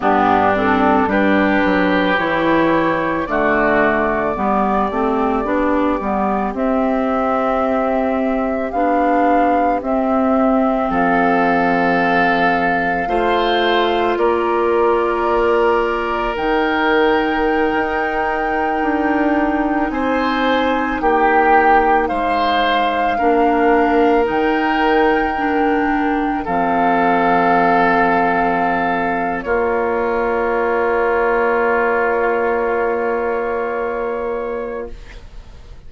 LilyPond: <<
  \new Staff \with { instrumentName = "flute" } { \time 4/4 \tempo 4 = 55 g'8 a'8 b'4 cis''4 d''4~ | d''2 e''2 | f''4 e''4 f''2~ | f''4 d''2 g''4~ |
g''2~ g''16 gis''4 g''8.~ | g''16 f''2 g''4.~ g''16~ | g''16 f''2~ f''8. cis''4~ | cis''1 | }
  \new Staff \with { instrumentName = "oboe" } { \time 4/4 d'4 g'2 fis'4 | g'1~ | g'2 a'2 | c''4 ais'2.~ |
ais'2~ ais'16 c''4 g'8.~ | g'16 c''4 ais'2~ ais'8.~ | ais'16 a'2~ a'8. f'4~ | f'1 | }
  \new Staff \with { instrumentName = "clarinet" } { \time 4/4 b8 c'8 d'4 e'4 a4 | b8 c'8 d'8 b8 c'2 | d'4 c'2. | f'2. dis'4~ |
dis'1~ | dis'4~ dis'16 d'4 dis'4 d'8.~ | d'16 c'2~ c'8. ais4~ | ais1 | }
  \new Staff \with { instrumentName = "bassoon" } { \time 4/4 g,4 g8 fis8 e4 d4 | g8 a8 b8 g8 c'2 | b4 c'4 f2 | a4 ais2 dis4~ |
dis16 dis'4 d'4 c'4 ais8.~ | ais16 gis4 ais4 dis4.~ dis16~ | dis16 f2~ f8. ais4~ | ais1 | }
>>